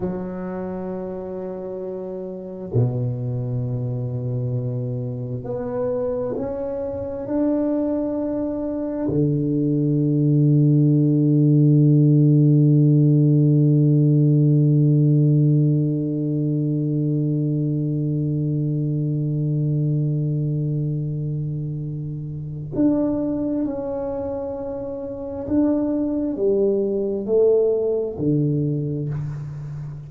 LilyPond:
\new Staff \with { instrumentName = "tuba" } { \time 4/4 \tempo 4 = 66 fis2. b,4~ | b,2 b4 cis'4 | d'2 d2~ | d1~ |
d1~ | d1~ | d4 d'4 cis'2 | d'4 g4 a4 d4 | }